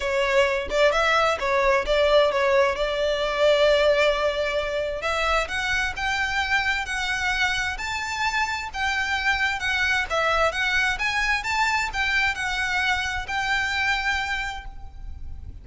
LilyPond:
\new Staff \with { instrumentName = "violin" } { \time 4/4 \tempo 4 = 131 cis''4. d''8 e''4 cis''4 | d''4 cis''4 d''2~ | d''2. e''4 | fis''4 g''2 fis''4~ |
fis''4 a''2 g''4~ | g''4 fis''4 e''4 fis''4 | gis''4 a''4 g''4 fis''4~ | fis''4 g''2. | }